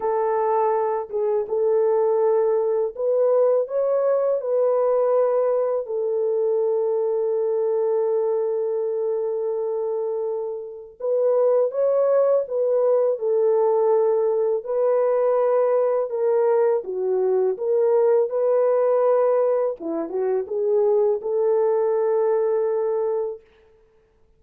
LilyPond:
\new Staff \with { instrumentName = "horn" } { \time 4/4 \tempo 4 = 82 a'4. gis'8 a'2 | b'4 cis''4 b'2 | a'1~ | a'2. b'4 |
cis''4 b'4 a'2 | b'2 ais'4 fis'4 | ais'4 b'2 e'8 fis'8 | gis'4 a'2. | }